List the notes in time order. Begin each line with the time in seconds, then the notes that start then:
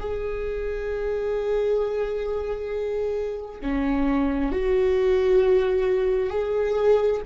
0.00 G#4
3.62 C#4
4.52 F#4
6.31 G#4